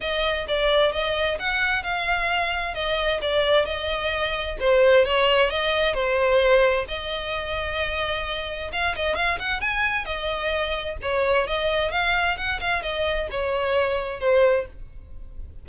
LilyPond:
\new Staff \with { instrumentName = "violin" } { \time 4/4 \tempo 4 = 131 dis''4 d''4 dis''4 fis''4 | f''2 dis''4 d''4 | dis''2 c''4 cis''4 | dis''4 c''2 dis''4~ |
dis''2. f''8 dis''8 | f''8 fis''8 gis''4 dis''2 | cis''4 dis''4 f''4 fis''8 f''8 | dis''4 cis''2 c''4 | }